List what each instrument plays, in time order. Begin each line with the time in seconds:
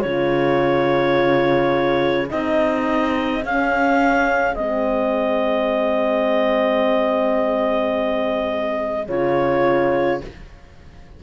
0.00 cello C#3, horn F4, saxophone G#4, clarinet C#5
2.29 cello C4, horn D#4, clarinet D#5
3.42 horn C#4, cello C#4, clarinet F5
4.54 cello G#3, horn C4, clarinet D#5
9.07 cello C#3, horn F4, clarinet C#5